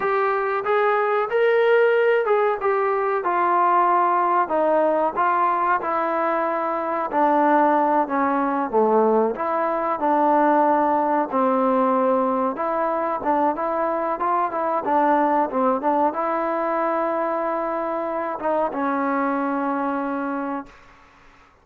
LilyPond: \new Staff \with { instrumentName = "trombone" } { \time 4/4 \tempo 4 = 93 g'4 gis'4 ais'4. gis'8 | g'4 f'2 dis'4 | f'4 e'2 d'4~ | d'8 cis'4 a4 e'4 d'8~ |
d'4. c'2 e'8~ | e'8 d'8 e'4 f'8 e'8 d'4 | c'8 d'8 e'2.~ | e'8 dis'8 cis'2. | }